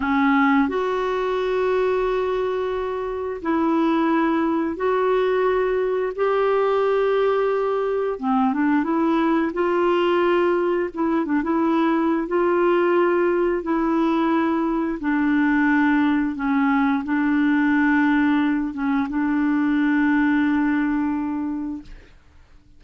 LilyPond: \new Staff \with { instrumentName = "clarinet" } { \time 4/4 \tempo 4 = 88 cis'4 fis'2.~ | fis'4 e'2 fis'4~ | fis'4 g'2. | c'8 d'8 e'4 f'2 |
e'8 d'16 e'4~ e'16 f'2 | e'2 d'2 | cis'4 d'2~ d'8 cis'8 | d'1 | }